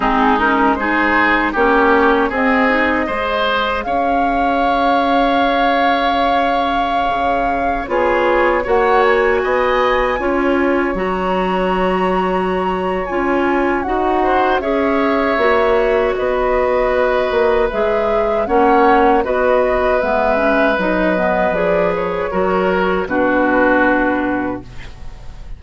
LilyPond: <<
  \new Staff \with { instrumentName = "flute" } { \time 4/4 \tempo 4 = 78 gis'8 ais'8 c''4 cis''4 dis''4~ | dis''4 f''2.~ | f''2~ f''16 cis''4 fis''8 gis''16~ | gis''2~ gis''16 ais''4.~ ais''16~ |
ais''4 gis''4 fis''4 e''4~ | e''4 dis''2 e''4 | fis''4 dis''4 e''4 dis''4 | d''8 cis''4. b'2 | }
  \new Staff \with { instrumentName = "oboe" } { \time 4/4 dis'4 gis'4 g'4 gis'4 | c''4 cis''2.~ | cis''2~ cis''16 gis'4 cis''8.~ | cis''16 dis''4 cis''2~ cis''8.~ |
cis''2~ cis''8 c''8 cis''4~ | cis''4 b'2. | cis''4 b'2.~ | b'4 ais'4 fis'2 | }
  \new Staff \with { instrumentName = "clarinet" } { \time 4/4 c'8 cis'8 dis'4 cis'4 c'8 dis'8 | gis'1~ | gis'2~ gis'16 f'4 fis'8.~ | fis'4~ fis'16 f'4 fis'4.~ fis'16~ |
fis'4 f'4 fis'4 gis'4 | fis'2. gis'4 | cis'4 fis'4 b8 cis'8 dis'8 b8 | gis'4 fis'4 d'2 | }
  \new Staff \with { instrumentName = "bassoon" } { \time 4/4 gis2 ais4 c'4 | gis4 cis'2.~ | cis'4~ cis'16 cis4 b4 ais8.~ | ais16 b4 cis'4 fis4.~ fis16~ |
fis4 cis'4 dis'4 cis'4 | ais4 b4. ais8 gis4 | ais4 b4 gis4 fis4 | f4 fis4 b,2 | }
>>